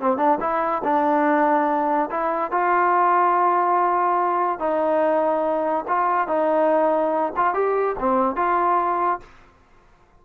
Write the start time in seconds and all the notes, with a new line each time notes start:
0.00 C4
0.17 D4
0.40 E4
0.84 D4
2.10 E4
2.51 F4
4.59 D#4
5.87 F4
6.27 D#4
7.36 F4
7.54 G4
7.99 C4
8.36 F4